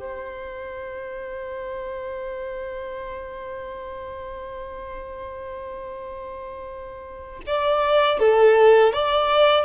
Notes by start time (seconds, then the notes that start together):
0.00 C5
7.47 D5
8.20 A4
8.93 D5